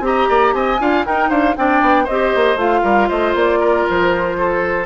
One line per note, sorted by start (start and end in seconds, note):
0.00 0.25 C4
0.00 0.78 G4
0.00 0.28 D#5
0.00 0.54 A#5
0.28 0.53 A#3
0.28 0.54 D5
0.53 0.79 C4
0.53 0.81 D#5
0.53 1.05 G#5
0.79 1.05 D4
0.79 1.05 F4
0.79 1.05 F5
1.05 1.56 D#4
1.05 1.30 D#4
1.05 1.29 A#4
1.05 1.30 G5
1.29 1.55 D4
1.29 1.54 C5
1.29 1.55 F5
1.56 1.81 C4
1.56 2.06 D4
1.56 2.04 D5
1.56 2.07 G5
1.81 2.07 B3
2.04 2.35 C4
2.04 2.80 C5
2.04 2.57 D#5
2.10 2.57 G4
2.35 2.56 A#3
2.56 2.81 A3
2.56 4.85 F4
2.56 3.09 F5
2.83 3.09 G3
2.83 3.08 A#4
3.08 3.35 A3
3.08 3.59 C5
3.08 3.34 D#5
3.35 3.85 A#3
3.35 3.87 D5
3.60 4.36 A#4
3.89 4.85 F3
3.89 4.85 C5
4.37 4.85 A4